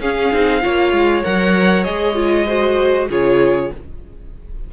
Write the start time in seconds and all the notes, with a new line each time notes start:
0.00 C#4 G#4 F5
0.32 C4 D#4
0.61 A#3 F4 C#5
0.92 G#3
1.23 F#3 A#4 F#5
1.84 G#3 G#4 D#5
2.15 F4
2.47 F#4 C5
3.09 C#3 F4 G#4 C#5